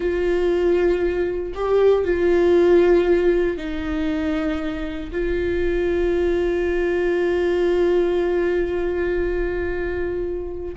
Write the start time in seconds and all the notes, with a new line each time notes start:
0.00 F4
1.54 G4
2.04 F4
3.57 D#4
5.11 F4